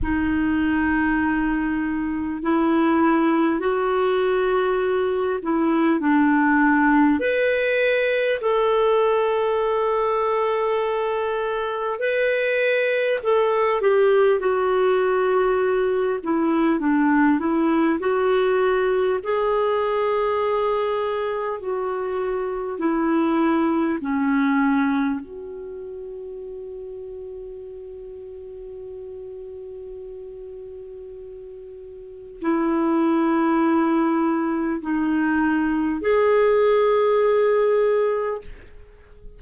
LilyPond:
\new Staff \with { instrumentName = "clarinet" } { \time 4/4 \tempo 4 = 50 dis'2 e'4 fis'4~ | fis'8 e'8 d'4 b'4 a'4~ | a'2 b'4 a'8 g'8 | fis'4. e'8 d'8 e'8 fis'4 |
gis'2 fis'4 e'4 | cis'4 fis'2.~ | fis'2. e'4~ | e'4 dis'4 gis'2 | }